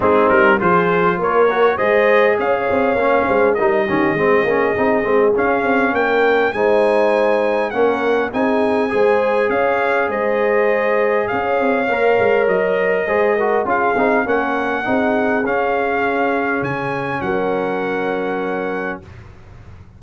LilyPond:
<<
  \new Staff \with { instrumentName = "trumpet" } { \time 4/4 \tempo 4 = 101 gis'8 ais'8 c''4 cis''4 dis''4 | f''2 dis''2~ | dis''4 f''4 g''4 gis''4~ | gis''4 fis''4 gis''2 |
f''4 dis''2 f''4~ | f''4 dis''2 f''4 | fis''2 f''2 | gis''4 fis''2. | }
  \new Staff \with { instrumentName = "horn" } { \time 4/4 dis'4 gis'4 ais'4 c''4 | cis''4. c''8 ais'8 g'8 gis'4~ | gis'2 ais'4 c''4~ | c''4 ais'4 gis'4 c''4 |
cis''4 c''2 cis''4~ | cis''2 c''8 ais'8 gis'4 | ais'4 gis'2.~ | gis'4 ais'2. | }
  \new Staff \with { instrumentName = "trombone" } { \time 4/4 c'4 f'4. fis'8 gis'4~ | gis'4 cis'4 dis'8 cis'8 c'8 cis'8 | dis'8 c'8 cis'2 dis'4~ | dis'4 cis'4 dis'4 gis'4~ |
gis'1 | ais'2 gis'8 fis'8 f'8 dis'8 | cis'4 dis'4 cis'2~ | cis'1 | }
  \new Staff \with { instrumentName = "tuba" } { \time 4/4 gis8 g8 f4 ais4 gis4 | cis'8 c'8 ais8 gis8 g8 dis8 gis8 ais8 | c'8 gis8 cis'8 c'8 ais4 gis4~ | gis4 ais4 c'4 gis4 |
cis'4 gis2 cis'8 c'8 | ais8 gis8 fis4 gis4 cis'8 c'8 | ais4 c'4 cis'2 | cis4 fis2. | }
>>